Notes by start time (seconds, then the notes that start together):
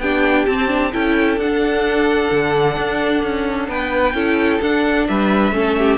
0.00 B3 D4 G4 G5
0.46 C4 A5
0.68 D4
0.93 C#4 E4 A4 G5
1.38 D4 F#5
2.32 D3
2.77 D4
3.23 C#4
3.68 B3 B4 G5
4.14 C#4 E4 A4
4.62 D4 F#5
5.08 G3 B4 E5
5.52 A3 C#4 A4
5.79 G4